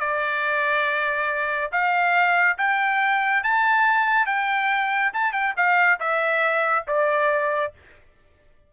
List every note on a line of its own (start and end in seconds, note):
0.00 1.71 D5
1.72 2.58 F5
2.58 3.44 G5
3.44 4.27 A5
4.27 5.12 G5
5.14 5.33 A5
5.33 5.54 G5
5.57 6.00 F5
6.00 6.86 E5
6.87 7.73 D5